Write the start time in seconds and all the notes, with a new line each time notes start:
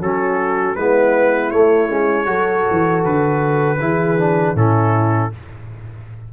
0.00 F#3 C#4 F#4 A4
0.75 G#3 B3 E4 B4
1.51 A3 C#5
1.88 G#3 C#4
2.25 F#3 F#4 A4
2.71 E3
3.04 D3 B4
3.79 E3 E4 G#4
4.18 D4
4.54 A2 C#4 E4 A4